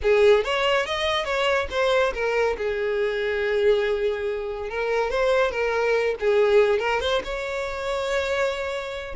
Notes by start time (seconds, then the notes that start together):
0.02 G#4
0.44 C#5
0.85 D#5
1.24 C#5
1.70 C5
2.14 A#4
2.57 G#4
4.69 A#4
5.10 C5
5.51 A#4
6.20 G#4
6.79 A#4
7.00 C5
7.23 C#5